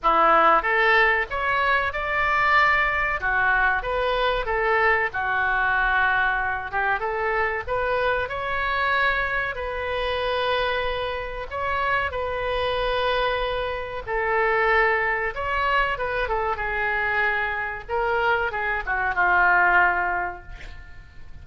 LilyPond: \new Staff \with { instrumentName = "oboe" } { \time 4/4 \tempo 4 = 94 e'4 a'4 cis''4 d''4~ | d''4 fis'4 b'4 a'4 | fis'2~ fis'8 g'8 a'4 | b'4 cis''2 b'4~ |
b'2 cis''4 b'4~ | b'2 a'2 | cis''4 b'8 a'8 gis'2 | ais'4 gis'8 fis'8 f'2 | }